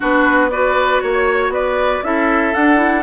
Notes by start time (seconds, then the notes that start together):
0.00 B3 D4 F#4 B4
0.50 F#4 B4 D5
1.00 A#3 C#5
1.49 B3 B4 D5
2.03 C#4 E4 A4 E5
2.53 D4 F#5
2.76 E4